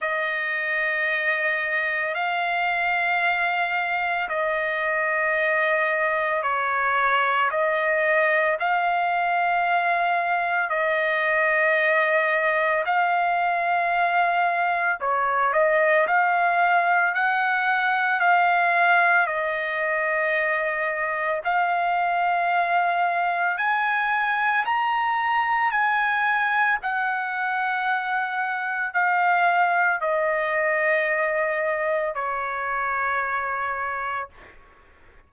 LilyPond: \new Staff \with { instrumentName = "trumpet" } { \time 4/4 \tempo 4 = 56 dis''2 f''2 | dis''2 cis''4 dis''4 | f''2 dis''2 | f''2 cis''8 dis''8 f''4 |
fis''4 f''4 dis''2 | f''2 gis''4 ais''4 | gis''4 fis''2 f''4 | dis''2 cis''2 | }